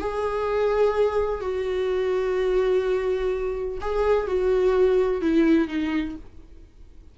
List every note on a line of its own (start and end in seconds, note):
0.00 1.41 G#4
1.41 3.79 F#4
3.81 4.27 G#4
4.27 5.22 F#4
5.22 5.68 E4
5.68 6.15 D#4